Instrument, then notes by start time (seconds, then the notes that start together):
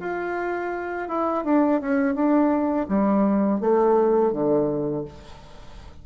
bassoon
0.00 F4
1.09 E4
1.45 D4
1.81 C#4
2.15 D4
2.89 G3
3.61 A3
4.33 D3